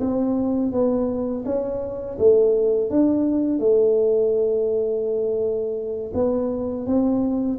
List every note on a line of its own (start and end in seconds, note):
0.00 0.72 C4
0.72 1.44 B3
1.45 2.18 C#4
2.18 2.90 A3
2.90 3.59 D4
3.59 6.12 A3
6.14 6.86 B3
6.86 7.58 C4